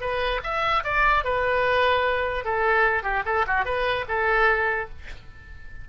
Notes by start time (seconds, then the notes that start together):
0.00 B4
0.43 E5
0.84 D5
1.24 B4
2.44 A4
3.03 G4
3.25 A4
3.47 F#4
3.64 B4
4.08 A4